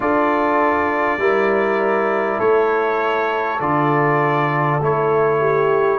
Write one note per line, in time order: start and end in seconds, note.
0.00 1.17 D4
0.00 1.19 F4
0.00 1.21 A4
0.00 2.39 D5
1.17 2.37 G3
1.17 3.58 E4
1.17 2.38 A#4
2.38 3.60 A3
2.38 5.38 A4
2.38 3.59 C#5
3.60 4.80 D3
3.60 4.79 F4
3.60 4.80 D5
4.80 5.99 A3
4.80 5.99 E4
4.80 5.99 C#5
5.40 5.99 G4